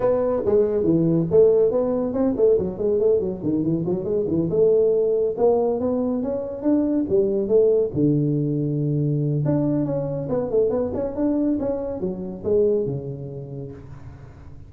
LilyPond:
\new Staff \with { instrumentName = "tuba" } { \time 4/4 \tempo 4 = 140 b4 gis4 e4 a4 | b4 c'8 a8 fis8 gis8 a8 fis8 | dis8 e8 fis8 gis8 e8 a4.~ | a8 ais4 b4 cis'4 d'8~ |
d'8 g4 a4 d4.~ | d2 d'4 cis'4 | b8 a8 b8 cis'8 d'4 cis'4 | fis4 gis4 cis2 | }